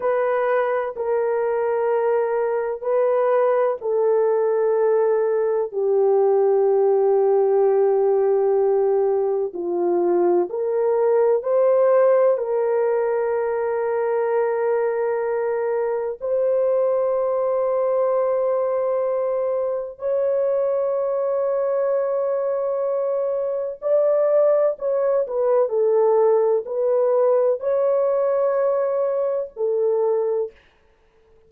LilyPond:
\new Staff \with { instrumentName = "horn" } { \time 4/4 \tempo 4 = 63 b'4 ais'2 b'4 | a'2 g'2~ | g'2 f'4 ais'4 | c''4 ais'2.~ |
ais'4 c''2.~ | c''4 cis''2.~ | cis''4 d''4 cis''8 b'8 a'4 | b'4 cis''2 a'4 | }